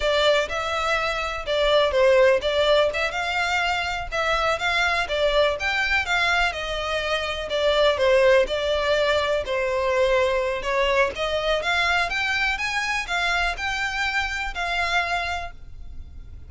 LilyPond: \new Staff \with { instrumentName = "violin" } { \time 4/4 \tempo 4 = 124 d''4 e''2 d''4 | c''4 d''4 e''8 f''4.~ | f''8 e''4 f''4 d''4 g''8~ | g''8 f''4 dis''2 d''8~ |
d''8 c''4 d''2 c''8~ | c''2 cis''4 dis''4 | f''4 g''4 gis''4 f''4 | g''2 f''2 | }